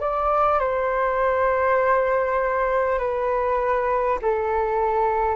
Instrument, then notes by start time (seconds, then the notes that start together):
flute
0.00 D5
0.59 C5
2.99 B4
4.22 A4